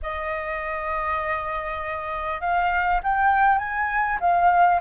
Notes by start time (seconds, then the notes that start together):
0.02 D#5
2.40 F5
3.03 G5
3.58 G#5
4.20 F5